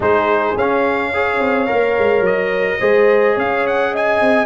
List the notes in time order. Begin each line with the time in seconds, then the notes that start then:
0.00 G#3 D#4 G#4 C5
0.56 C#4 F5
1.13 G#4 C#5
1.39 C4
1.66 A#3 A#4
1.98 G#3
2.20 F#3 D#5
2.79 G#3 G#4 C5
3.34 C#4 C#5 F5
3.66 F#5
3.92 D#5 G#5
4.21 C4